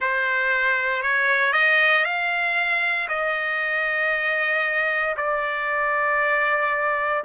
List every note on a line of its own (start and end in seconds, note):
0.00 1.02 C5
1.02 1.52 C#5
1.52 2.04 D#5
2.04 3.08 F5
3.08 5.15 D#5
5.17 7.24 D5